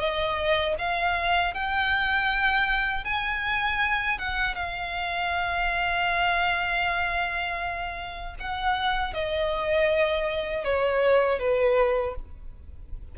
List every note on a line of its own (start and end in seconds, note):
0.00 0.76 D#5
0.79 1.55 F5
1.55 3.05 G5
3.05 4.19 G#5
4.19 4.56 F#5
4.56 8.35 F5
8.40 9.14 F#5
9.14 10.65 D#5
10.65 11.40 C#5
11.40 12.16 B4